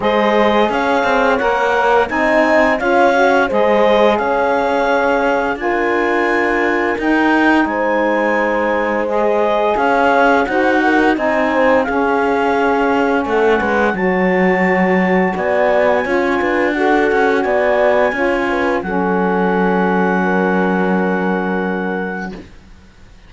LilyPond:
<<
  \new Staff \with { instrumentName = "clarinet" } { \time 4/4 \tempo 4 = 86 dis''4 f''4 fis''4 gis''4 | f''4 dis''4 f''2 | gis''2 g''4 gis''4~ | gis''4 dis''4 f''4 fis''4 |
gis''4 f''2 fis''4 | a''2 gis''2 | fis''4 gis''2 fis''4~ | fis''1 | }
  \new Staff \with { instrumentName = "horn" } { \time 4/4 c''4 cis''2 dis''4 | cis''4 c''4 cis''2 | ais'2. c''4~ | c''2 cis''4 c''8 ais'8 |
dis''8 c''8 gis'2 a'8 b'8 | cis''2 d''4 cis''8 b'8 | a'4 d''4 cis''8 b'8 a'4~ | a'4 ais'2. | }
  \new Staff \with { instrumentName = "saxophone" } { \time 4/4 gis'2 ais'4 dis'4 | f'8 fis'8 gis'2. | f'2 dis'2~ | dis'4 gis'2 fis'4 |
dis'4 cis'2. | fis'2. f'4 | fis'2 f'4 cis'4~ | cis'1 | }
  \new Staff \with { instrumentName = "cello" } { \time 4/4 gis4 cis'8 c'8 ais4 c'4 | cis'4 gis4 cis'2 | d'2 dis'4 gis4~ | gis2 cis'4 dis'4 |
c'4 cis'2 a8 gis8 | fis2 b4 cis'8 d'8~ | d'8 cis'8 b4 cis'4 fis4~ | fis1 | }
>>